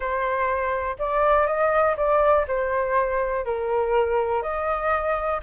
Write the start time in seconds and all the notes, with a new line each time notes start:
0.00 C5
0.98 D5
1.46 D#5
1.96 D5
2.47 C5
3.45 A#4
4.42 D#5